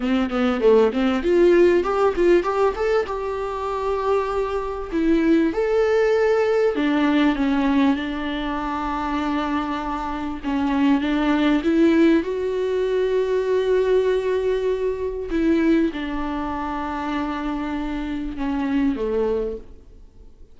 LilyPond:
\new Staff \with { instrumentName = "viola" } { \time 4/4 \tempo 4 = 98 c'8 b8 a8 c'8 f'4 g'8 f'8 | g'8 a'8 g'2. | e'4 a'2 d'4 | cis'4 d'2.~ |
d'4 cis'4 d'4 e'4 | fis'1~ | fis'4 e'4 d'2~ | d'2 cis'4 a4 | }